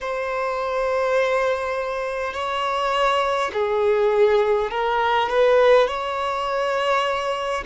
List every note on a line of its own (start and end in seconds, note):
0.01 2.33 C5
2.33 3.51 C#5
3.53 4.71 G#4
4.71 5.29 A#4
5.29 5.87 B4
5.87 7.64 C#5